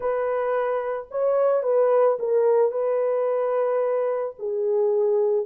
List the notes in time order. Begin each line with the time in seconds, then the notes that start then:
0.00 B4
1.11 C#5
1.62 B4
2.19 A#4
2.71 B4
4.38 G#4